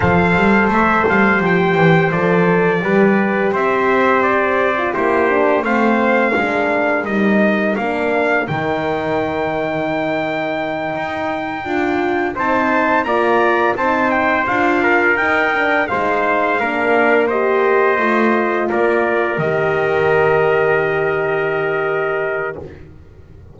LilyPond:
<<
  \new Staff \with { instrumentName = "trumpet" } { \time 4/4 \tempo 4 = 85 f''4 e''8 f''8 g''4 d''4~ | d''4 e''4 d''4 c''4 | f''2 dis''4 f''4 | g''1~ |
g''4. a''4 ais''4 a''8 | g''8 f''4 g''4 f''4.~ | f''8 dis''2 d''4 dis''8~ | dis''1 | }
  \new Staff \with { instrumentName = "trumpet" } { \time 4/4 c''1 | b'4 c''2 g'4 | c''4 ais'2.~ | ais'1~ |
ais'4. c''4 d''4 c''8~ | c''4 ais'4. c''4 ais'8~ | ais'8 c''2 ais'4.~ | ais'1 | }
  \new Staff \with { instrumentName = "horn" } { \time 4/4 a'2 g'4 a'4 | g'2~ g'8. f'16 e'8 d'8 | c'4 d'4 dis'4 d'4 | dis'1~ |
dis'8 f'4 dis'4 f'4 dis'8~ | dis'8 f'4 dis'8 d'8 dis'4 d'8~ | d'8 g'4 f'2 g'8~ | g'1 | }
  \new Staff \with { instrumentName = "double bass" } { \time 4/4 f8 g8 a8 g8 f8 e8 f4 | g4 c'2 ais4 | a4 gis4 g4 ais4 | dis2.~ dis8 dis'8~ |
dis'8 d'4 c'4 ais4 c'8~ | c'8 d'4 dis'4 gis4 ais8~ | ais4. a4 ais4 dis8~ | dis1 | }
>>